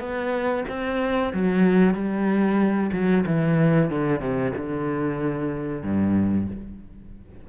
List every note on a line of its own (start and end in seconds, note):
0.00 0.65 B3
0.69 1.33 C4
1.34 1.94 F#3
1.94 2.91 G3
2.93 3.25 F#3
3.26 3.90 E3
3.90 4.20 D3
4.20 4.52 C3
4.57 5.83 D3
5.83 6.47 G2